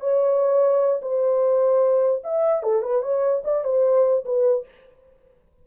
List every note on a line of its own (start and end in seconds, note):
0.00 1.01 C#5
1.02 2.23 C5
2.24 2.63 E5
2.63 2.82 A4
2.82 3.02 B4
3.02 3.43 C#5
3.44 3.64 D5
3.64 4.25 C5
4.25 4.65 B4